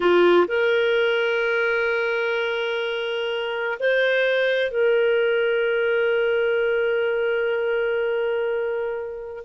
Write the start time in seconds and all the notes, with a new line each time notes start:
0.00 F4
0.47 A#4
3.79 C5
4.71 A#4